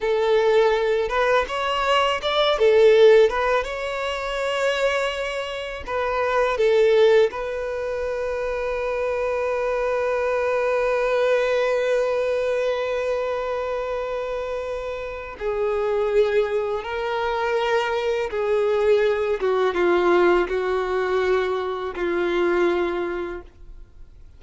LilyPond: \new Staff \with { instrumentName = "violin" } { \time 4/4 \tempo 4 = 82 a'4. b'8 cis''4 d''8 a'8~ | a'8 b'8 cis''2. | b'4 a'4 b'2~ | b'1~ |
b'1~ | b'4 gis'2 ais'4~ | ais'4 gis'4. fis'8 f'4 | fis'2 f'2 | }